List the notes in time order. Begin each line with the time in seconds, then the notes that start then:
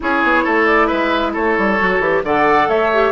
0.00 C#4 E4 G#4 C#5
0.23 B3
0.43 A3 A4
0.66 D5
0.87 G#3 B4 E5
1.33 A3 A4 C#5
1.57 G3
1.79 F#3 F#4
1.99 E3 G4
2.23 D3 A4 D5 F#5
2.67 A3 C#5 E5
2.93 G4